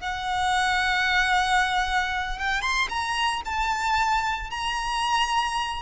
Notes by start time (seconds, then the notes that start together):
0.00 F#5
2.38 G5
2.61 C6
2.89 A#5
3.45 A5
4.50 A#5